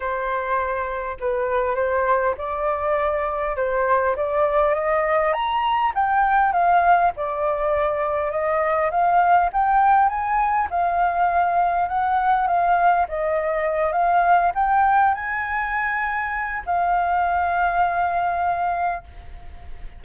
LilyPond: \new Staff \with { instrumentName = "flute" } { \time 4/4 \tempo 4 = 101 c''2 b'4 c''4 | d''2 c''4 d''4 | dis''4 ais''4 g''4 f''4 | d''2 dis''4 f''4 |
g''4 gis''4 f''2 | fis''4 f''4 dis''4. f''8~ | f''8 g''4 gis''2~ gis''8 | f''1 | }